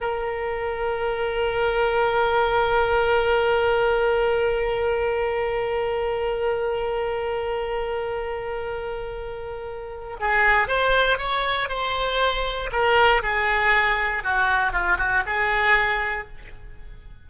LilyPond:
\new Staff \with { instrumentName = "oboe" } { \time 4/4 \tempo 4 = 118 ais'1~ | ais'1~ | ais'1~ | ais'1~ |
ais'1 | gis'4 c''4 cis''4 c''4~ | c''4 ais'4 gis'2 | fis'4 f'8 fis'8 gis'2 | }